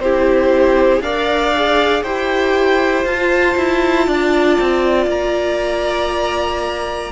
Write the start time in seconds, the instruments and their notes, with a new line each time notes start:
0.00 cello C4, viola E4, violin G4 C5
1.01 cello D4, viola A#4, violin D5 F5
1.55 viola G#4
2.03 cello E4, viola G4, violin C5 G5
3.05 cello F4, viola F4, violin A5
3.57 cello E4
4.07 cello D4, violin D5
4.60 cello C4
5.07 cello A#3, violin A#5